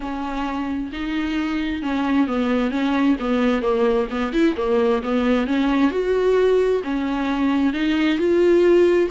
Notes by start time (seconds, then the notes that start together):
0.00 C#4
0.92 D#4
1.82 C#4
2.27 B3
2.70 C#4
3.19 B3
3.61 A#3
4.10 B3
4.32 E4
4.56 A#3
5.02 B3
5.46 C#4
5.90 F#4
6.83 C#4
7.73 D#4
8.18 F4